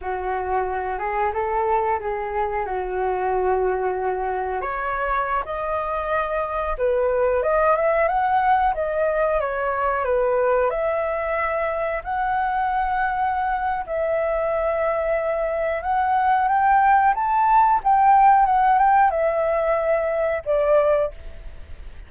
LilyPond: \new Staff \with { instrumentName = "flute" } { \time 4/4 \tempo 4 = 91 fis'4. gis'8 a'4 gis'4 | fis'2. cis''4~ | cis''16 dis''2 b'4 dis''8 e''16~ | e''16 fis''4 dis''4 cis''4 b'8.~ |
b'16 e''2 fis''4.~ fis''16~ | fis''4 e''2. | fis''4 g''4 a''4 g''4 | fis''8 g''8 e''2 d''4 | }